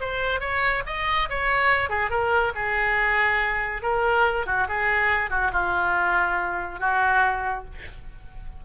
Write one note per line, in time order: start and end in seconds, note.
0.00 0.40 C5
0.40 0.83 C#5
0.86 1.29 D#5
1.29 1.89 C#5
1.89 2.10 G#4
2.10 2.52 A#4
2.55 3.82 G#4
3.82 4.46 A#4
4.46 4.67 F#4
4.68 5.30 G#4
5.30 5.51 F#4
5.52 6.79 F4
6.79 7.64 F#4